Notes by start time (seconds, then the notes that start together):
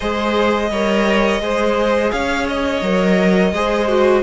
0.00 G#3 G#4 C5 D#5
0.70 G3 A#4 C#5
1.40 G#3 G#4 C5
2.11 C#4 C#5 F5
2.48 D#5
2.81 F#3 A#4
3.51 G#3 G#4 C5
3.88 F#4